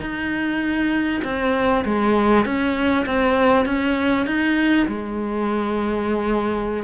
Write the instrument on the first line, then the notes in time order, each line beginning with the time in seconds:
cello
0.00 D#4
1.24 C4
1.84 G#3
2.45 C#4
3.06 C4
3.65 C#4
4.26 D#4
4.87 G#3